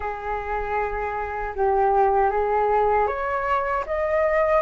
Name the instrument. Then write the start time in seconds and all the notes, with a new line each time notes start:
flute
0.00 G#4
1.55 G4
2.30 G#4
3.07 C#5
3.86 D#5